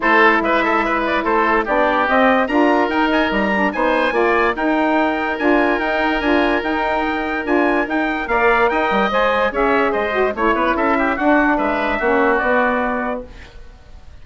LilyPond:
<<
  \new Staff \with { instrumentName = "trumpet" } { \time 4/4 \tempo 4 = 145 c''4 e''4. d''8 c''4 | d''4 dis''4 ais''4 g''8 gis''8 | ais''4 gis''2 g''4~ | g''4 gis''4 g''4 gis''4 |
g''2 gis''4 g''4 | f''4 g''4 gis''4 e''4 | dis''4 cis''4 e''4 fis''4 | e''2 d''2 | }
  \new Staff \with { instrumentName = "oboe" } { \time 4/4 a'4 b'8 a'8 b'4 a'4 | g'2 ais'2~ | ais'4 c''4 d''4 ais'4~ | ais'1~ |
ais'1 | d''4 dis''2 cis''4 | c''4 cis''8 b'8 a'8 g'8 fis'4 | b'4 fis'2. | }
  \new Staff \with { instrumentName = "saxophone" } { \time 4/4 e'1 | d'4 c'4 f'4 dis'4~ | dis'8 d'8 dis'4 f'4 dis'4~ | dis'4 f'4 dis'4 f'4 |
dis'2 f'4 dis'4 | ais'2 c''4 gis'4~ | gis'8 fis'8 e'2 d'4~ | d'4 cis'4 b2 | }
  \new Staff \with { instrumentName = "bassoon" } { \time 4/4 a4 gis2 a4 | b4 c'4 d'4 dis'4 | g4 b4 ais4 dis'4~ | dis'4 d'4 dis'4 d'4 |
dis'2 d'4 dis'4 | ais4 dis'8 g8 gis4 cis'4 | gis4 a8 b8 cis'4 d'4 | gis4 ais4 b2 | }
>>